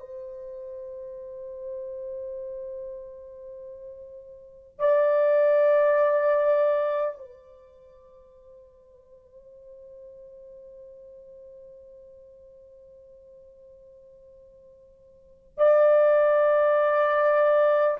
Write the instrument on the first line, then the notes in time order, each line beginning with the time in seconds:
horn
0.00 C5
4.79 D5
7.19 C5
15.58 D5